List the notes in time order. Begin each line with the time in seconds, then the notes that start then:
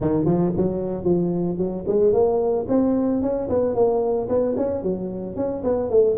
0.00 D#3
0.25 F3
0.56 F#3
1.04 F3
1.57 F#3
1.87 G#3
2.12 A#3
2.68 C4
3.22 C#4
3.49 B3
3.75 A#3
4.29 B3
4.57 C#4
4.83 F#3
5.36 C#4
5.63 B3
5.90 A3